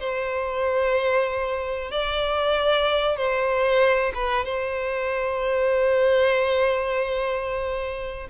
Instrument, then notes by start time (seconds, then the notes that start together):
violin
0.00 C5
1.92 D5
3.17 C5
4.15 B4
4.45 C5